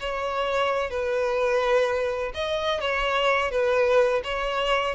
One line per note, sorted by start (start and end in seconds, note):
0.00 0.90 C#5
0.90 2.32 B4
2.35 2.81 D#5
2.81 3.51 C#5
3.51 4.22 B4
4.24 4.95 C#5